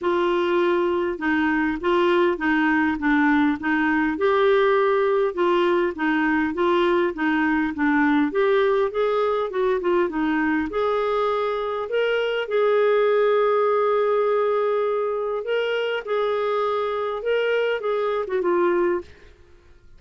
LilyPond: \new Staff \with { instrumentName = "clarinet" } { \time 4/4 \tempo 4 = 101 f'2 dis'4 f'4 | dis'4 d'4 dis'4 g'4~ | g'4 f'4 dis'4 f'4 | dis'4 d'4 g'4 gis'4 |
fis'8 f'8 dis'4 gis'2 | ais'4 gis'2.~ | gis'2 ais'4 gis'4~ | gis'4 ais'4 gis'8. fis'16 f'4 | }